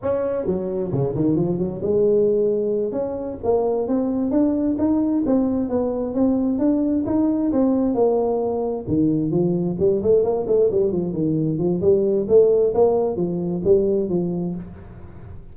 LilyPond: \new Staff \with { instrumentName = "tuba" } { \time 4/4 \tempo 4 = 132 cis'4 fis4 cis8 dis8 f8 fis8 | gis2~ gis8 cis'4 ais8~ | ais8 c'4 d'4 dis'4 c'8~ | c'8 b4 c'4 d'4 dis'8~ |
dis'8 c'4 ais2 dis8~ | dis8 f4 g8 a8 ais8 a8 g8 | f8 dis4 f8 g4 a4 | ais4 f4 g4 f4 | }